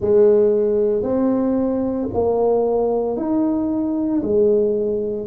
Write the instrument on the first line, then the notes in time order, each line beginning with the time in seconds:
tuba
0.00 G#3
1.02 C4
2.13 A#3
3.16 D#4
4.22 G#3